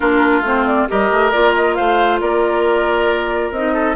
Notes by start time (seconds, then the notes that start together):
0.00 A#3 D4 F4 A#4
0.40 A3 C4 C5
0.66 D5
0.88 G3 G4 A#4 D#5
1.10 A3
1.31 A#3 F4 D5
1.55 D#5
1.75 A3 C5 F5
2.20 A#3 A#4 D5
3.51 C4 D#4 D#5
3.73 A4